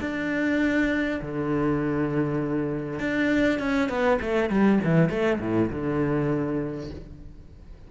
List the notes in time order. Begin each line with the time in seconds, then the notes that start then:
0.00 D4
1.21 D3
2.99 D4
3.59 C#4
3.89 B3
4.21 A3
4.49 G3
4.84 E3
5.09 A3
5.39 A2
5.70 D3